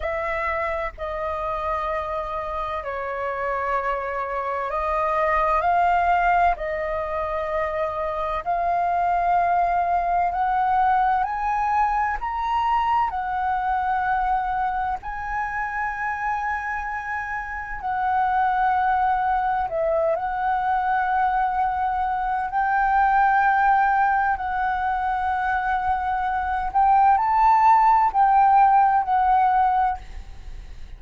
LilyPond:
\new Staff \with { instrumentName = "flute" } { \time 4/4 \tempo 4 = 64 e''4 dis''2 cis''4~ | cis''4 dis''4 f''4 dis''4~ | dis''4 f''2 fis''4 | gis''4 ais''4 fis''2 |
gis''2. fis''4~ | fis''4 e''8 fis''2~ fis''8 | g''2 fis''2~ | fis''8 g''8 a''4 g''4 fis''4 | }